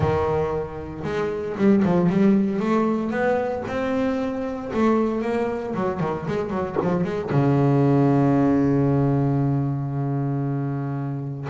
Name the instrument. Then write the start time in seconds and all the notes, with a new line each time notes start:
double bass
0.00 D#3
1.04 G#3
1.57 G3
1.84 F3
2.09 G3
2.59 A3
3.10 B3
3.67 C4
4.73 A3
5.21 A#3
5.74 F#3
6.00 D#3
6.27 G#3
6.50 F#3
6.82 F3
7.03 G#3
7.30 C#3